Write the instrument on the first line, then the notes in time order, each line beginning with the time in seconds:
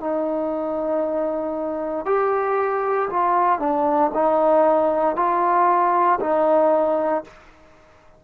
trombone
0.00 D#4
2.05 G4
3.09 F4
3.59 D4
4.14 D#4
5.16 F4
6.20 D#4